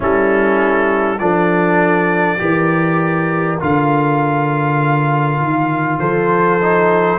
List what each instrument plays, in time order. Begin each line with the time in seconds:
0.00 tuba G3, trombone C#4, horn E4, trumpet A4
1.18 tuba F3, trombone D4, horn A4, trumpet D5
2.38 tuba E3, trombone G4, horn A#4
3.59 tuba D3, trombone F4, trumpet F5
5.38 tuba D#3
5.99 tuba F3, horn A4, trumpet C5
6.61 trombone D#4